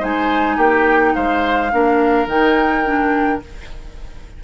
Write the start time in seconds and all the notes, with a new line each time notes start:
0.00 G#3 D#4 C5 G#5
0.57 A#3 G4 G5
1.15 G#3 C5 F5
1.72 A#3 D4 A#4
2.27 D#3 D#4 G5
2.85 D4